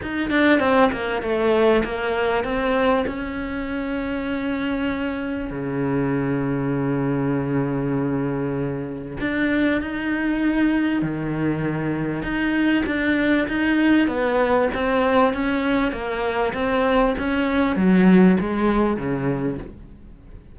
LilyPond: \new Staff \with { instrumentName = "cello" } { \time 4/4 \tempo 4 = 98 dis'8 d'8 c'8 ais8 a4 ais4 | c'4 cis'2.~ | cis'4 cis2.~ | cis2. d'4 |
dis'2 dis2 | dis'4 d'4 dis'4 b4 | c'4 cis'4 ais4 c'4 | cis'4 fis4 gis4 cis4 | }